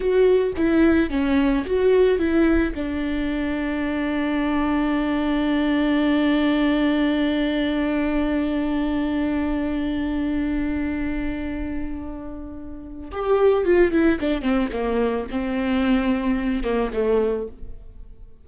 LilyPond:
\new Staff \with { instrumentName = "viola" } { \time 4/4 \tempo 4 = 110 fis'4 e'4 cis'4 fis'4 | e'4 d'2.~ | d'1~ | d'1~ |
d'1~ | d'1 | g'4 f'8 e'8 d'8 c'8 ais4 | c'2~ c'8 ais8 a4 | }